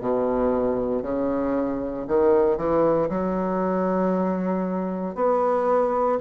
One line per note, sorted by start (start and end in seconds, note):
0.00 1.03 B2
1.03 2.06 C#3
2.07 2.57 D#3
2.57 3.08 E3
3.09 5.15 F#3
5.15 6.18 B3